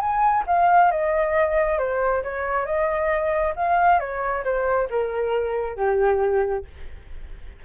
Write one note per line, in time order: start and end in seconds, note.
0.00 0.44 G#5
0.47 0.91 F5
0.91 1.78 D#5
1.78 2.23 C5
2.23 2.66 C#5
2.66 3.54 D#5
3.56 3.99 F5
3.99 4.44 C#5
4.44 4.89 C5
4.90 5.77 A#4
5.77 6.65 G4